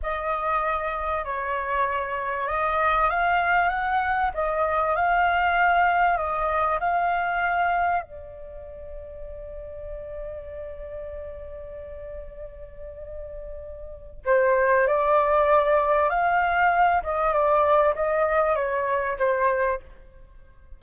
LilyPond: \new Staff \with { instrumentName = "flute" } { \time 4/4 \tempo 4 = 97 dis''2 cis''2 | dis''4 f''4 fis''4 dis''4 | f''2 dis''4 f''4~ | f''4 d''2.~ |
d''1~ | d''2. c''4 | d''2 f''4. dis''8 | d''4 dis''4 cis''4 c''4 | }